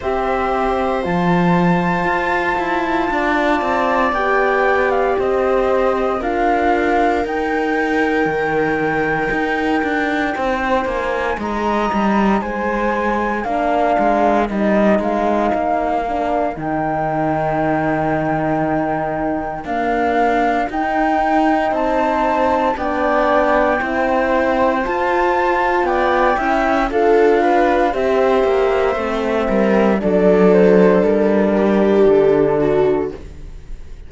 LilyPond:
<<
  \new Staff \with { instrumentName = "flute" } { \time 4/4 \tempo 4 = 58 e''4 a''2. | g''8. f''16 dis''4 f''4 g''4~ | g''2~ g''8 gis''8 ais''4 | gis''4 f''4 dis''8 f''4. |
g''2. f''4 | g''4 a''4 g''2 | a''4 g''4 f''4 e''4~ | e''4 d''8 c''8 ais'4 a'4 | }
  \new Staff \with { instrumentName = "viola" } { \time 4/4 c''2. d''4~ | d''4 c''4 ais'2~ | ais'2 c''4 dis''4 | c''4 ais'2.~ |
ais'1~ | ais'4 c''4 d''4 c''4~ | c''4 d''8 e''8 a'8 b'8 c''4~ | c''8 ais'8 a'4. g'4 fis'8 | }
  \new Staff \with { instrumentName = "horn" } { \time 4/4 g'4 f'2. | g'2 f'4 dis'4~ | dis'1~ | dis'4 d'4 dis'4. d'8 |
dis'2. ais4 | dis'2 d'4 e'4 | f'4. e'8 f'4 g'4 | c'4 d'2. | }
  \new Staff \with { instrumentName = "cello" } { \time 4/4 c'4 f4 f'8 e'8 d'8 c'8 | b4 c'4 d'4 dis'4 | dis4 dis'8 d'8 c'8 ais8 gis8 g8 | gis4 ais8 gis8 g8 gis8 ais4 |
dis2. d'4 | dis'4 c'4 b4 c'4 | f'4 b8 cis'8 d'4 c'8 ais8 | a8 g8 fis4 g4 d4 | }
>>